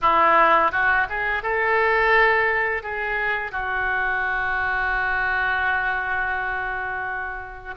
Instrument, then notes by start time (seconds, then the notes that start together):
oboe
0.01 E4
0.71 F#4
1.09 G#4
1.42 A4
2.82 G#4
3.51 F#4